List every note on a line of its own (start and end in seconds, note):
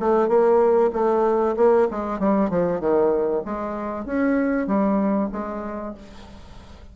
0.00 0.29 A3
0.29 0.91 A#3
0.93 1.56 A3
1.57 1.88 A#3
1.91 2.20 G#3
2.20 2.50 G3
2.50 2.80 F3
2.80 3.43 D#3
3.45 4.06 G#3
4.06 4.67 C#4
4.67 5.30 G3
5.32 5.95 G#3